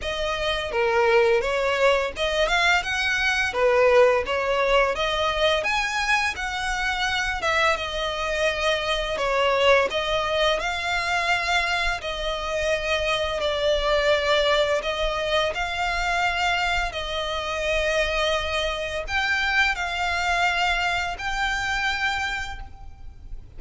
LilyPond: \new Staff \with { instrumentName = "violin" } { \time 4/4 \tempo 4 = 85 dis''4 ais'4 cis''4 dis''8 f''8 | fis''4 b'4 cis''4 dis''4 | gis''4 fis''4. e''8 dis''4~ | dis''4 cis''4 dis''4 f''4~ |
f''4 dis''2 d''4~ | d''4 dis''4 f''2 | dis''2. g''4 | f''2 g''2 | }